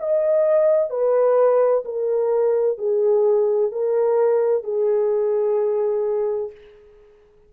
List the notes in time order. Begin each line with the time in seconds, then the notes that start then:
0.00 D#5
0.90 B4
1.85 A#4
2.78 G#4
3.72 A#4
4.64 G#4